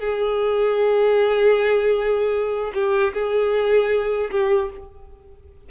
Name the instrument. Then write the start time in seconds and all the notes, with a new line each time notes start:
violin
0.00 G#4
2.74 G4
3.14 G#4
4.31 G4